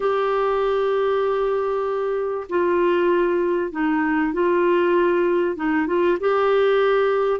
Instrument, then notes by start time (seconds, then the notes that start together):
clarinet
0.00 G4
2.49 F4
3.71 D#4
4.33 F4
5.56 D#4
5.87 F4
6.20 G4